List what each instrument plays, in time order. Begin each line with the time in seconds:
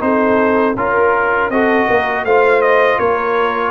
0.00 tuba C4, trombone D#4, horn A4, trumpet C5
0.76 tuba C#4, trombone F4, trumpet A#4, horn A#4
1.50 tuba C4, trombone F#4, horn A4, trumpet D#5
1.87 tuba A#3, horn A#4
2.25 tuba A3, trombone F4, horn C5, trumpet F5
2.62 trumpet D#5
2.99 tuba A#3, horn A#4, trumpet C#5